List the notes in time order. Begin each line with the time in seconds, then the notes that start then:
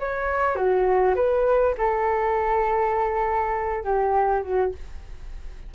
0.00 C#5
0.56 F#4
1.16 B4
1.78 A4
3.84 G4
4.42 F#4